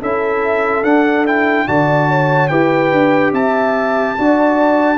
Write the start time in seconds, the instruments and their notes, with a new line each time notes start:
0.00 tuba C#4, trombone E4, horn A4, trumpet E5
0.83 tuba D4, trombone D4, trumpet F#5
1.26 trombone E4, trumpet G5
1.67 tuba D3, trombone F#4, horn D5, trumpet A5
2.09 horn C#5
2.48 tuba E4, trombone G4, horn B4, trumpet G5
2.92 tuba D4
3.32 tuba C4, horn E5, trumpet A5
4.18 tuba D4, trombone F#4, horn D5